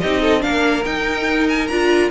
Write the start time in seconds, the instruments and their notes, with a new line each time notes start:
0.00 cello C4, viola D#4, violin G4 D#5
0.21 violin A4
0.39 cello A#3, viola D4, violin A#4 F5
0.85 cello D#4, viola D#4, violin G5
1.48 violin G#5
1.67 cello D4, viola F4, violin A#5